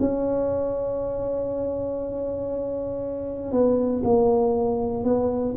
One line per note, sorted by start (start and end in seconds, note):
0.00 3.52 C#4
3.52 4.03 B3
4.04 5.04 A#3
5.04 5.55 B3